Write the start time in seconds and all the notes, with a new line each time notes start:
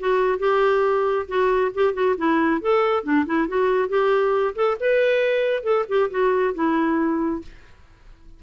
0.00 F#4
0.39 G4
1.28 F#4
1.75 G4
1.94 F#4
2.18 E4
2.62 A4
3.04 D4
3.26 E4
3.49 F#4
3.89 G4
4.56 A4
4.81 B4
5.64 A4
5.89 G4
6.11 F#4
6.55 E4